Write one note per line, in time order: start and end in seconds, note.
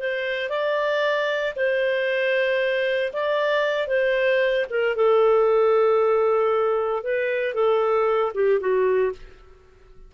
0.00 0.50 C5
0.50 1.54 D5
1.56 3.13 C5
3.13 3.88 D5
3.88 4.66 C5
4.70 4.96 A#4
4.96 7.04 A4
7.04 7.55 B4
7.55 8.33 A4
8.35 8.61 G4
8.61 9.13 F#4